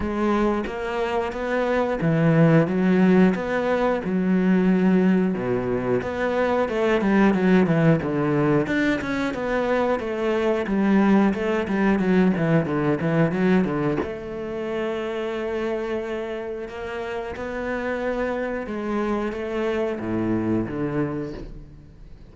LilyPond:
\new Staff \with { instrumentName = "cello" } { \time 4/4 \tempo 4 = 90 gis4 ais4 b4 e4 | fis4 b4 fis2 | b,4 b4 a8 g8 fis8 e8 | d4 d'8 cis'8 b4 a4 |
g4 a8 g8 fis8 e8 d8 e8 | fis8 d8 a2.~ | a4 ais4 b2 | gis4 a4 a,4 d4 | }